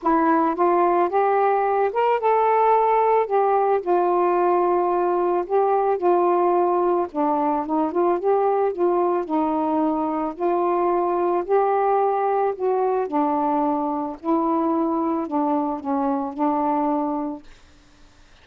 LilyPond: \new Staff \with { instrumentName = "saxophone" } { \time 4/4 \tempo 4 = 110 e'4 f'4 g'4. ais'8 | a'2 g'4 f'4~ | f'2 g'4 f'4~ | f'4 d'4 dis'8 f'8 g'4 |
f'4 dis'2 f'4~ | f'4 g'2 fis'4 | d'2 e'2 | d'4 cis'4 d'2 | }